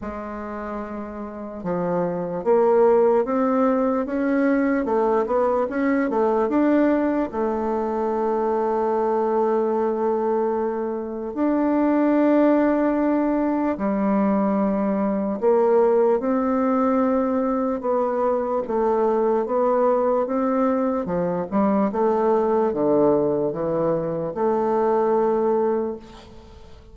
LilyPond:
\new Staff \with { instrumentName = "bassoon" } { \time 4/4 \tempo 4 = 74 gis2 f4 ais4 | c'4 cis'4 a8 b8 cis'8 a8 | d'4 a2.~ | a2 d'2~ |
d'4 g2 ais4 | c'2 b4 a4 | b4 c'4 f8 g8 a4 | d4 e4 a2 | }